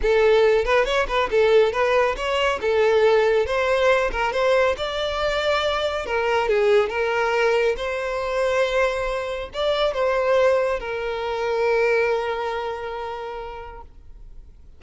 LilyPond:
\new Staff \with { instrumentName = "violin" } { \time 4/4 \tempo 4 = 139 a'4. b'8 cis''8 b'8 a'4 | b'4 cis''4 a'2 | c''4. ais'8 c''4 d''4~ | d''2 ais'4 gis'4 |
ais'2 c''2~ | c''2 d''4 c''4~ | c''4 ais'2.~ | ais'1 | }